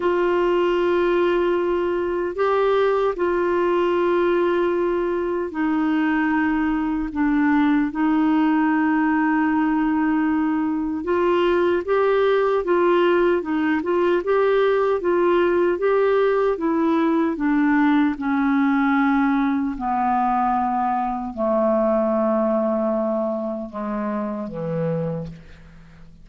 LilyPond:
\new Staff \with { instrumentName = "clarinet" } { \time 4/4 \tempo 4 = 76 f'2. g'4 | f'2. dis'4~ | dis'4 d'4 dis'2~ | dis'2 f'4 g'4 |
f'4 dis'8 f'8 g'4 f'4 | g'4 e'4 d'4 cis'4~ | cis'4 b2 a4~ | a2 gis4 e4 | }